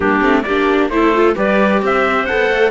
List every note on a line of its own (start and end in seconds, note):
0.00 0.21 G3
0.00 0.21 A#3
0.00 0.43 D4
0.00 0.42 G4
0.21 0.44 A3
0.21 0.43 C4
0.42 0.89 A#3
0.42 0.90 G4
0.42 0.87 D5
0.49 0.91 D4
0.89 1.35 A3
0.89 1.14 E4
0.89 1.36 A4
0.89 1.35 C5
1.14 1.35 F4
1.35 1.82 G3
1.35 2.26 G4
1.35 1.82 B4
1.35 1.83 D5
1.82 2.27 C4
1.82 2.70 C5
1.82 2.25 E5
2.25 2.70 A4
2.25 2.70 F#5
2.32 2.50 B3
2.50 2.70 A3